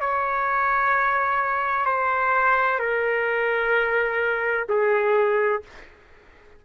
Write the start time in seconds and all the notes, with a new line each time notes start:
0.00 C#5
1.85 C5
2.79 A#4
4.68 G#4